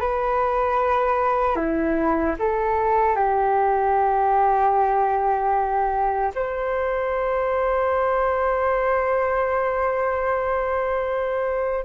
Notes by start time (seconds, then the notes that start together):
0.00 B4
1.56 E4
2.39 A4
3.15 G4
6.35 C5